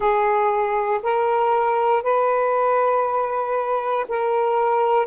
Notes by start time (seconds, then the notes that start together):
0.00 G#4
1.02 A#4
2.02 B4
4.08 A#4